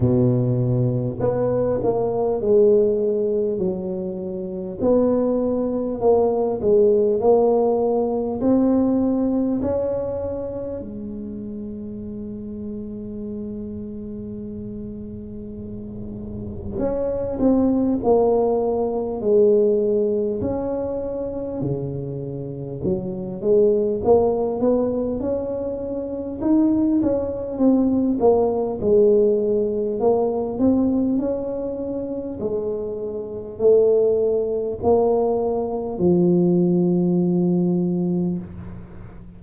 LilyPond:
\new Staff \with { instrumentName = "tuba" } { \time 4/4 \tempo 4 = 50 b,4 b8 ais8 gis4 fis4 | b4 ais8 gis8 ais4 c'4 | cis'4 gis2.~ | gis2 cis'8 c'8 ais4 |
gis4 cis'4 cis4 fis8 gis8 | ais8 b8 cis'4 dis'8 cis'8 c'8 ais8 | gis4 ais8 c'8 cis'4 gis4 | a4 ais4 f2 | }